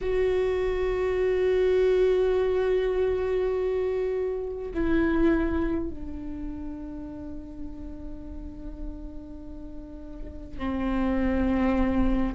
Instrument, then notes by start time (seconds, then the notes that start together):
viola
0.01 F#4
4.74 E4
5.89 D4
10.58 C4